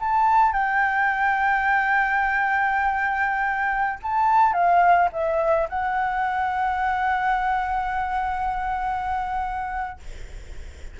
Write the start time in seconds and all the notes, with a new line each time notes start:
0.00 A5
0.53 G5
4.03 A5
4.54 F5
5.13 E5
5.69 F#5